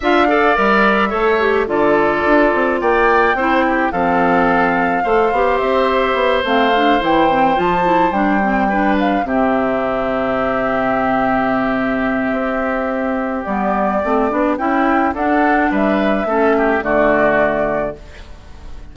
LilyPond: <<
  \new Staff \with { instrumentName = "flute" } { \time 4/4 \tempo 4 = 107 f''4 e''2 d''4~ | d''4 g''2 f''4~ | f''2 e''4. f''8~ | f''8 g''4 a''4 g''4. |
f''8 e''2.~ e''8~ | e''1 | d''2 g''4 fis''4 | e''2 d''2 | }
  \new Staff \with { instrumentName = "oboe" } { \time 4/4 e''8 d''4. cis''4 a'4~ | a'4 d''4 c''8 g'8 a'4~ | a'4 c''2.~ | c''2.~ c''8 b'8~ |
b'8 g'2.~ g'8~ | g'1~ | g'2 e'4 a'4 | b'4 a'8 g'8 fis'2 | }
  \new Staff \with { instrumentName = "clarinet" } { \time 4/4 f'8 a'8 ais'4 a'8 g'8 f'4~ | f'2 e'4 c'4~ | c'4 a'8 g'2 c'8 | d'8 e'8 c'8 f'8 e'8 d'8 c'8 d'8~ |
d'8 c'2.~ c'8~ | c'1 | b4 c'8 d'8 e'4 d'4~ | d'4 cis'4 a2 | }
  \new Staff \with { instrumentName = "bassoon" } { \time 4/4 d'4 g4 a4 d4 | d'8 c'8 ais4 c'4 f4~ | f4 a8 b8 c'4 b8 a8~ | a8 e4 f4 g4.~ |
g8 c2.~ c8~ | c2 c'2 | g4 a8 b8 cis'4 d'4 | g4 a4 d2 | }
>>